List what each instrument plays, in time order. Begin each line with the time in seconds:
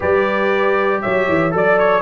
0.00 tuba G3, trombone G4, horn B4, trumpet D5
1.01 tuba F#3, horn C#5, trumpet E5
1.28 tuba E3
1.51 tuba F#3, trombone A4, horn D5, trumpet D5
1.78 trumpet C#5